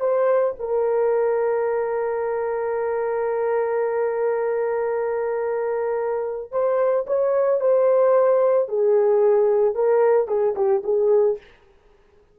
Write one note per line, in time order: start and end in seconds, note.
0.00 0.54 C5
0.59 6.51 A#4
6.51 7.05 C5
7.07 7.60 C#5
7.60 8.68 C5
8.69 9.75 G#4
9.75 10.27 A#4
10.27 10.54 G#4
10.55 10.82 G4
10.84 11.38 G#4